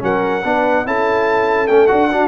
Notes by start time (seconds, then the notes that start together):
0.00 F#3 C#4 A#4 F#5
0.45 B3 D4 B4
0.86 C#4 E4 A4 A5
1.68 A3 C#4 G5
1.87 D4 F#4 F#5
2.12 D4 F#4